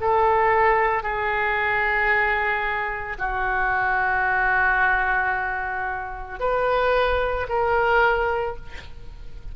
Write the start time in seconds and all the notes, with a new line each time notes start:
0.00 A4
1.02 G#4
3.18 F#4
6.39 B4
7.49 A#4